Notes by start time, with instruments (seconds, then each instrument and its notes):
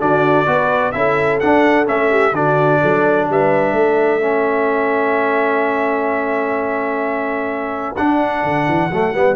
0.00 tuba D3, trombone D4, horn F#4, trumpet D5
0.47 tuba B3, trombone F#4, horn B4
0.92 tuba C#4, trombone E4, horn A4, trumpet E5
1.40 trombone D4, tuba D4, trumpet F#5
1.86 tuba A3, trombone C#4, trumpet E5
2.11 horn G4
2.33 tuba D3, trombone D4, horn F#4, trumpet D5
2.81 tuba F#3, horn A4
3.30 tuba G3, horn B4, trumpet E5
3.73 tuba A3, horn A4
4.21 trombone C#4
7.97 trombone D4, tuba D4, trumpet F#5
8.44 tuba D3
8.69 tuba E3
8.91 tuba F#3, trombone A3
9.14 tuba G3, trombone B3